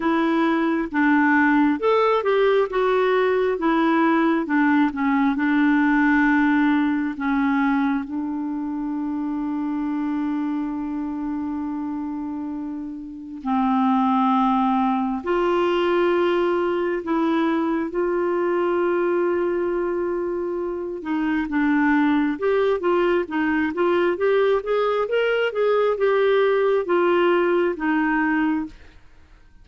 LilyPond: \new Staff \with { instrumentName = "clarinet" } { \time 4/4 \tempo 4 = 67 e'4 d'4 a'8 g'8 fis'4 | e'4 d'8 cis'8 d'2 | cis'4 d'2.~ | d'2. c'4~ |
c'4 f'2 e'4 | f'2.~ f'8 dis'8 | d'4 g'8 f'8 dis'8 f'8 g'8 gis'8 | ais'8 gis'8 g'4 f'4 dis'4 | }